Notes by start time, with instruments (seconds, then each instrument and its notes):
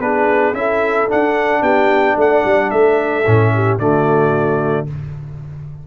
0.00 tuba B3, trombone D4, horn G#4, trumpet B4
0.54 tuba C#4, trombone E4, horn A4, trumpet E5
1.09 trombone D4, tuba D4, trumpet F#5
1.62 tuba B3, horn G4, trumpet G5
2.17 tuba A3, horn D5, trumpet F#5
2.45 tuba G3
2.71 tuba A3, horn A4, trumpet E5
3.26 tuba A2, trombone C#4
3.55 horn G4
3.79 tuba D3, trombone A3, horn F#4, trumpet D5